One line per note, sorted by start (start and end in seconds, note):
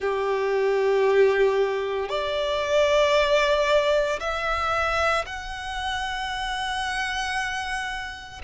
0.00 2.09 G4
2.09 4.19 D5
4.20 5.25 E5
5.25 8.41 F#5